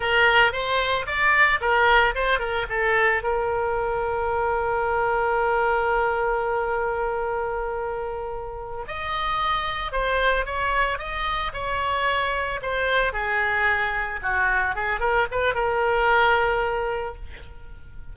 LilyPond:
\new Staff \with { instrumentName = "oboe" } { \time 4/4 \tempo 4 = 112 ais'4 c''4 d''4 ais'4 | c''8 ais'8 a'4 ais'2~ | ais'1~ | ais'1~ |
ais'8 dis''2 c''4 cis''8~ | cis''8 dis''4 cis''2 c''8~ | c''8 gis'2 fis'4 gis'8 | ais'8 b'8 ais'2. | }